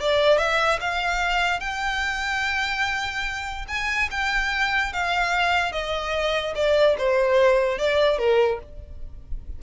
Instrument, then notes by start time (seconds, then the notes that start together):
violin
0.00 D5
0.38 E5
0.80 F5
1.60 G5
3.68 G#5
4.11 G5
4.93 F5
5.72 D#5
6.55 D5
6.98 C5
7.78 D5
8.18 A#4